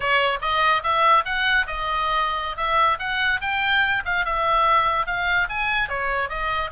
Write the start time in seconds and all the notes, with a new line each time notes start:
0.00 C#5
0.41 D#5
0.83 E5
1.25 F#5
1.67 D#5
2.56 E5
2.99 F#5
3.41 G5
4.05 F5
4.25 E5
5.06 F5
5.49 G#5
5.89 C#5
6.29 D#5